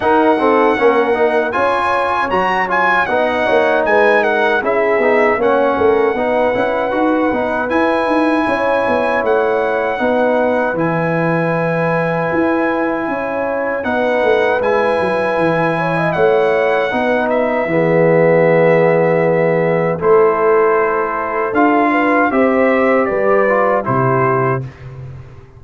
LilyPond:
<<
  \new Staff \with { instrumentName = "trumpet" } { \time 4/4 \tempo 4 = 78 fis''2 gis''4 ais''8 gis''8 | fis''4 gis''8 fis''8 e''4 fis''4~ | fis''2 gis''2 | fis''2 gis''2~ |
gis''2 fis''4 gis''4~ | gis''4 fis''4. e''4.~ | e''2 c''2 | f''4 e''4 d''4 c''4 | }
  \new Staff \with { instrumentName = "horn" } { \time 4/4 ais'8 a'8 ais'4 cis''2 | dis''8 cis''8 b'8 ais'8 gis'4 cis''8 ais'8 | b'2. cis''4~ | cis''4 b'2.~ |
b'4 cis''4 b'2~ | b'8 cis''16 dis''16 cis''4 b'4 gis'4~ | gis'2 a'2~ | a'8 b'8 c''4 b'4 g'4 | }
  \new Staff \with { instrumentName = "trombone" } { \time 4/4 dis'8 c'8 cis'8 dis'8 f'4 fis'8 f'8 | dis'2 e'8 dis'8 cis'4 | dis'8 e'8 fis'8 dis'8 e'2~ | e'4 dis'4 e'2~ |
e'2 dis'4 e'4~ | e'2 dis'4 b4~ | b2 e'2 | f'4 g'4. f'8 e'4 | }
  \new Staff \with { instrumentName = "tuba" } { \time 4/4 dis'4 ais4 cis'4 fis4 | b8 ais8 gis4 cis'8 b8 ais8 a8 | b8 cis'8 dis'8 b8 e'8 dis'8 cis'8 b8 | a4 b4 e2 |
e'4 cis'4 b8 a8 gis8 fis8 | e4 a4 b4 e4~ | e2 a2 | d'4 c'4 g4 c4 | }
>>